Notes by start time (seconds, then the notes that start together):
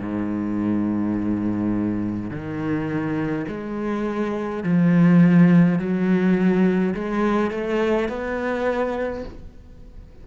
0.00 G#2
2.31 D#3
3.48 G#3
4.64 F3
5.79 F#3
6.95 G#3
7.52 A3
8.09 B3